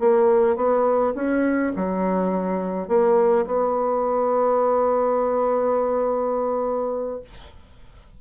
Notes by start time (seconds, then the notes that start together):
0.00 A#3
0.56 B3
1.15 C#4
1.76 F#3
2.88 A#3
3.46 B3